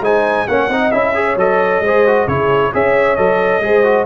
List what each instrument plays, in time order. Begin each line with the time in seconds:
0.00 tuba G#3, trombone D#4, horn C5, trumpet G#5
0.48 tuba A#3, trombone C#4, horn C#5, trumpet F#5
0.69 tuba C4, trombone D#4, horn D#5
0.91 tuba C#4, trombone E4, trumpet E5
1.14 trombone G#4, horn C#5
1.36 tuba F#3, trombone A4, trumpet D#5
1.81 tuba G#3, horn C5
1.87 trombone G#4
2.07 trombone F#4
2.27 tuba C#3, trombone E4, horn G#4, trumpet C#5
2.73 tuba C#4, trombone G#4, horn C#5, trumpet E5
3.16 tuba F#3, trombone A4, trumpet D#5
3.60 tuba G#3, trombone G#4, horn C5
3.84 trombone F#4